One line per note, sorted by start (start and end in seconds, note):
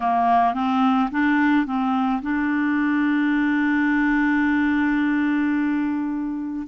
0.00 0.54 A#3
0.54 1.09 C4
1.11 1.66 D4
1.66 2.21 C4
2.22 6.66 D4